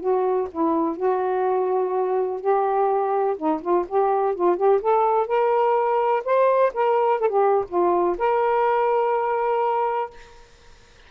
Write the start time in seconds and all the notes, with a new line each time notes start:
0.00 F#4
0.51 E4
0.96 F#4
2.40 G4
3.37 D#4
3.62 F4
3.88 G4
4.35 F4
4.57 G4
4.81 A4
5.27 A#4
6.25 C5
6.74 A#4
7.21 A4
7.29 G4
7.69 F4
8.18 A#4